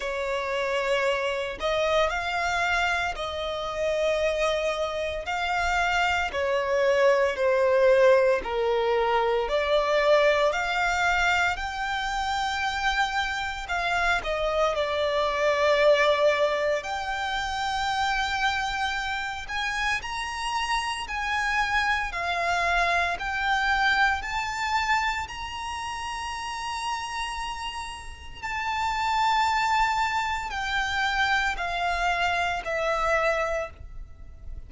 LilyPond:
\new Staff \with { instrumentName = "violin" } { \time 4/4 \tempo 4 = 57 cis''4. dis''8 f''4 dis''4~ | dis''4 f''4 cis''4 c''4 | ais'4 d''4 f''4 g''4~ | g''4 f''8 dis''8 d''2 |
g''2~ g''8 gis''8 ais''4 | gis''4 f''4 g''4 a''4 | ais''2. a''4~ | a''4 g''4 f''4 e''4 | }